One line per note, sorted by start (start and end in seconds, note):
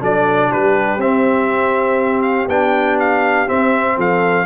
0.00 0.51 F#3
0.00 0.99 D4
0.00 0.48 A4
0.00 0.52 D5
0.48 0.97 G3
0.48 3.96 G4
0.48 1.00 B4
0.97 2.46 C4
0.97 2.49 C4
0.97 2.22 E5
2.22 2.46 F5
2.47 3.47 B3
2.47 3.47 D4
2.47 2.98 G5
2.99 3.48 F5
3.47 4.46 C4
3.47 3.97 C4
3.47 3.98 E5
3.96 4.46 F3
3.96 4.45 A4
3.96 4.46 F5